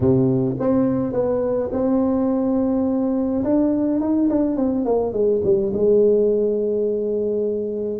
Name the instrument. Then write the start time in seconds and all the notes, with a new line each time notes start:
tuba
0.00 C3
0.59 C4
1.12 B3
1.72 C4
3.44 D4
4.00 D#4
4.29 D4
4.56 C4
4.85 A#3
5.12 G#3
5.44 G3
5.73 G#3